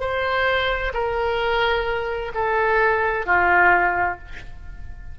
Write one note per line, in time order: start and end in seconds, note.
0.00 0.92 C5
0.94 2.32 A#4
2.34 3.26 A4
3.26 4.18 F4